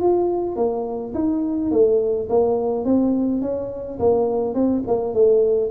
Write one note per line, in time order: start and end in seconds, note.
0.00 0.56 F4
0.56 1.13 A#3
1.14 1.71 D#4
1.71 2.28 A3
2.29 2.84 A#3
2.84 3.41 C4
3.41 3.98 C#4
3.99 4.54 A#3
4.54 4.83 C4
4.87 5.13 A#3
5.13 5.70 A3